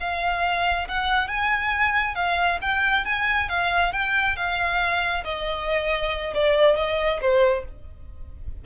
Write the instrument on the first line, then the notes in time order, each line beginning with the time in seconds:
violin
0.00 F5
0.88 F#5
1.28 G#5
2.15 F5
2.61 G5
3.05 G#5
3.49 F5
3.93 G5
4.36 F5
5.24 D#5
6.34 D5
6.76 D#5
7.21 C5